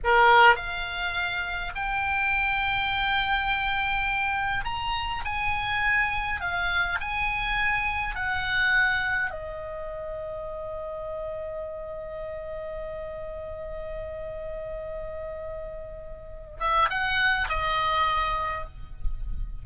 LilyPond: \new Staff \with { instrumentName = "oboe" } { \time 4/4 \tempo 4 = 103 ais'4 f''2 g''4~ | g''1 | ais''4 gis''2 f''4 | gis''2 fis''2 |
dis''1~ | dis''1~ | dis''1~ | dis''8 e''8 fis''4 dis''2 | }